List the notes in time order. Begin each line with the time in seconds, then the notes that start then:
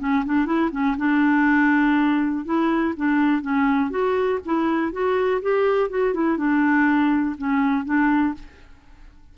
0.00 C#4
0.26 D4
0.46 E4
0.72 C#4
0.98 D4
2.45 E4
2.97 D4
3.42 C#4
3.91 F#4
4.46 E4
4.93 F#4
5.42 G4
5.90 F#4
6.14 E4
6.38 D4
7.38 C#4
7.86 D4